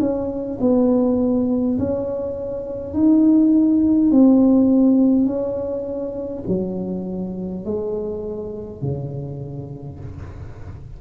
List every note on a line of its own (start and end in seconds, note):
0.00 0.59 C#4
0.60 1.78 B3
1.79 2.94 C#4
2.94 4.11 D#4
4.11 5.26 C4
5.26 6.44 C#4
6.48 7.65 F#3
7.65 8.82 G#3
8.82 9.99 C#3